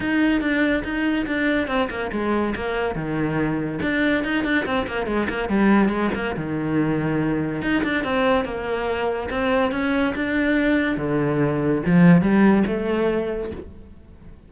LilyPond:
\new Staff \with { instrumentName = "cello" } { \time 4/4 \tempo 4 = 142 dis'4 d'4 dis'4 d'4 | c'8 ais8 gis4 ais4 dis4~ | dis4 d'4 dis'8 d'8 c'8 ais8 | gis8 ais8 g4 gis8 ais8 dis4~ |
dis2 dis'8 d'8 c'4 | ais2 c'4 cis'4 | d'2 d2 | f4 g4 a2 | }